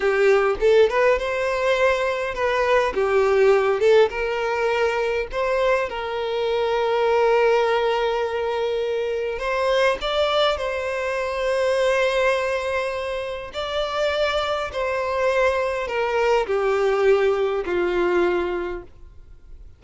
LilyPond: \new Staff \with { instrumentName = "violin" } { \time 4/4 \tempo 4 = 102 g'4 a'8 b'8 c''2 | b'4 g'4. a'8 ais'4~ | ais'4 c''4 ais'2~ | ais'1 |
c''4 d''4 c''2~ | c''2. d''4~ | d''4 c''2 ais'4 | g'2 f'2 | }